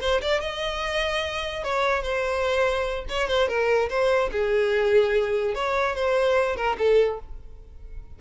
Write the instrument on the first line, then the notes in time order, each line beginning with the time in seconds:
violin
0.00 C5
0.21 D5
0.40 D#5
1.63 C#5
2.02 C5
3.08 C#5
3.27 C5
3.48 A#4
3.89 C5
4.32 G#4
5.54 C#5
5.95 C5
6.56 A#4
6.78 A4